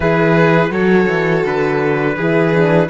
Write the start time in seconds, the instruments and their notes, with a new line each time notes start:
0.00 cello E3, horn E4, violin G#4, trumpet B4
0.70 cello F#3, horn F#4, violin A4, trumpet C#5
1.08 cello E3
1.45 cello D3, trumpet B4
2.16 cello E3, horn E4, violin G#4
2.53 horn D4